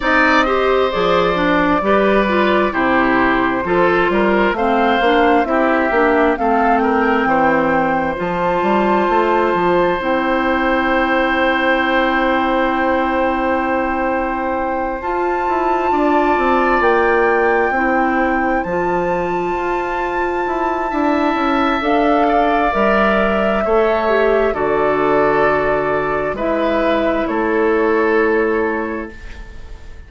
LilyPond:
<<
  \new Staff \with { instrumentName = "flute" } { \time 4/4 \tempo 4 = 66 dis''4 d''2 c''4~ | c''4 f''4 e''4 f''8 g''8~ | g''4 a''2 g''4~ | g''1~ |
g''8 a''2 g''4.~ | g''8 a''2.~ a''8 | f''4 e''2 d''4~ | d''4 e''4 cis''2 | }
  \new Staff \with { instrumentName = "oboe" } { \time 4/4 d''8 c''4. b'4 g'4 | a'8 ais'8 c''4 g'4 a'8 ais'8 | c''1~ | c''1~ |
c''4. d''2 c''8~ | c''2. e''4~ | e''8 d''4. cis''4 a'4~ | a'4 b'4 a'2 | }
  \new Staff \with { instrumentName = "clarinet" } { \time 4/4 dis'8 g'8 gis'8 d'8 g'8 f'8 e'4 | f'4 c'8 d'8 e'8 d'8 c'4~ | c'4 f'2 e'4~ | e'1~ |
e'8 f'2. e'8~ | e'8 f'2~ f'8 e'4 | a'4 ais'4 a'8 g'8 fis'4~ | fis'4 e'2. | }
  \new Staff \with { instrumentName = "bassoon" } { \time 4/4 c'4 f4 g4 c4 | f8 g8 a8 ais8 c'8 ais8 a4 | e4 f8 g8 a8 f8 c'4~ | c'1~ |
c'8 f'8 e'8 d'8 c'8 ais4 c'8~ | c'8 f4 f'4 e'8 d'8 cis'8 | d'4 g4 a4 d4~ | d4 gis4 a2 | }
>>